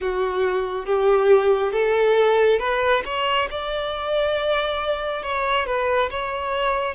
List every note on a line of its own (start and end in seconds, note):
0.00 0.85 F#4
0.85 1.72 G4
1.72 2.59 A4
2.59 3.02 B4
3.05 3.48 C#5
3.50 5.22 D5
5.22 5.66 C#5
5.66 6.09 B4
6.10 6.94 C#5